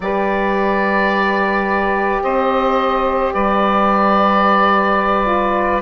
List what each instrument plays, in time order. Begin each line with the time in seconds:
0.00 bassoon G3, horn G4, saxophone B4, oboe D5
2.22 bassoon C4, saxophone C5, oboe D#5
3.33 bassoon G3, saxophone B4, oboe D5
5.25 horn F4